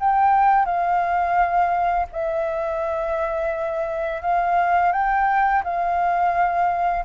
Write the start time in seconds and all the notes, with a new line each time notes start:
0.00 G5
0.66 F5
2.12 E5
4.22 F5
4.93 G5
5.64 F5